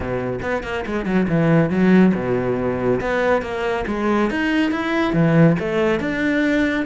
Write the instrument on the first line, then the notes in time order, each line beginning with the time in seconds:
cello
0.00 B2
0.41 B3
0.63 A#3
0.86 G#3
1.05 F#3
1.28 E3
1.70 F#3
2.14 B2
3.00 B3
3.41 A#3
3.87 G#3
4.30 D#4
4.71 E4
5.13 E3
5.59 A3
6.00 D4